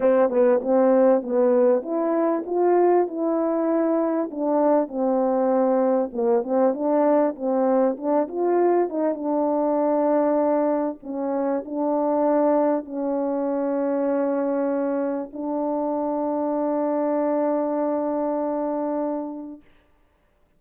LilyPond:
\new Staff \with { instrumentName = "horn" } { \time 4/4 \tempo 4 = 98 c'8 b8 c'4 b4 e'4 | f'4 e'2 d'4 | c'2 ais8 c'8 d'4 | c'4 d'8 f'4 dis'8 d'4~ |
d'2 cis'4 d'4~ | d'4 cis'2.~ | cis'4 d'2.~ | d'1 | }